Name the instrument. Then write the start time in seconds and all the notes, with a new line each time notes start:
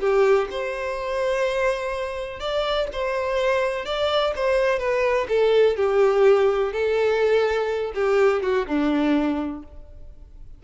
violin
0.00 G4
0.51 C5
2.40 D5
2.92 C5
3.85 D5
4.35 C5
4.79 B4
5.28 A4
5.76 G4
6.73 A4
7.94 G4
8.43 F#4
8.67 D4